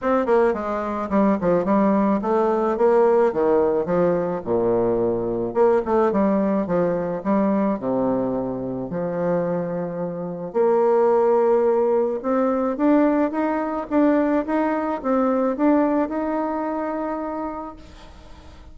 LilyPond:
\new Staff \with { instrumentName = "bassoon" } { \time 4/4 \tempo 4 = 108 c'8 ais8 gis4 g8 f8 g4 | a4 ais4 dis4 f4 | ais,2 ais8 a8 g4 | f4 g4 c2 |
f2. ais4~ | ais2 c'4 d'4 | dis'4 d'4 dis'4 c'4 | d'4 dis'2. | }